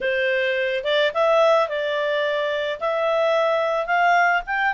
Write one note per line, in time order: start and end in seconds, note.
0.01 0.84 C5
0.84 1.11 D5
1.14 1.68 E5
1.68 2.79 D5
2.80 3.86 E5
3.86 4.42 F5
4.46 4.73 G5